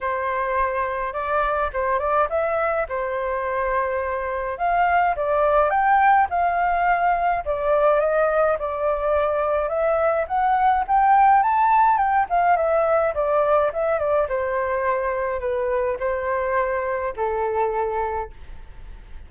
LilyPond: \new Staff \with { instrumentName = "flute" } { \time 4/4 \tempo 4 = 105 c''2 d''4 c''8 d''8 | e''4 c''2. | f''4 d''4 g''4 f''4~ | f''4 d''4 dis''4 d''4~ |
d''4 e''4 fis''4 g''4 | a''4 g''8 f''8 e''4 d''4 | e''8 d''8 c''2 b'4 | c''2 a'2 | }